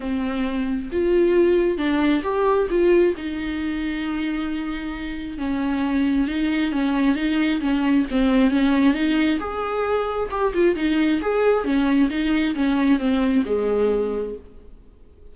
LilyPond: \new Staff \with { instrumentName = "viola" } { \time 4/4 \tempo 4 = 134 c'2 f'2 | d'4 g'4 f'4 dis'4~ | dis'1 | cis'2 dis'4 cis'4 |
dis'4 cis'4 c'4 cis'4 | dis'4 gis'2 g'8 f'8 | dis'4 gis'4 cis'4 dis'4 | cis'4 c'4 gis2 | }